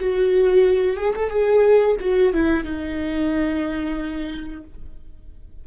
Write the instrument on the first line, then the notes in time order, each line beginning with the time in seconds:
viola
0.00 F#4
0.97 G#4
1.16 A4
1.30 G#4
2.01 F#4
2.33 E4
2.64 D#4